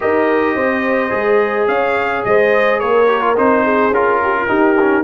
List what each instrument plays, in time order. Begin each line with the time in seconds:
0.00 tuba D#4, trombone G4, horn A#4, trumpet D#5
0.55 tuba C4, horn C5
1.09 tuba G#3, trombone G#4
1.67 tuba C#4, horn C#5, trumpet F5
2.24 tuba G#3, horn C5, trumpet D#5
2.79 tuba A#3, horn A#4, trumpet C#5
3.07 trombone G4
3.21 trombone F4
3.36 tuba C4, trombone D#4, trumpet C5
3.63 horn G#4
3.90 tuba C#4, trombone F4, trumpet A#4
4.23 horn G4
4.37 horn F4
4.48 trombone D#4, tuba D#4, horn G4
4.80 trombone C#4